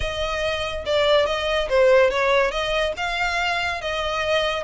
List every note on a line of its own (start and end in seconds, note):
0.00 0.85 D#5
0.85 1.26 D5
1.26 1.68 D#5
1.69 2.10 C5
2.10 2.51 C#5
2.51 2.93 D#5
2.97 3.81 F5
3.81 4.63 D#5